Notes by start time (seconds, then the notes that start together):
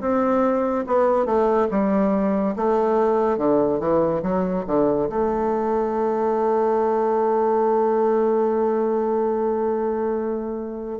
0.00 C4
0.87 B3
1.25 A3
1.71 G3
2.56 A3
3.37 D3
3.79 E3
4.22 F#3
4.66 D3
5.09 A3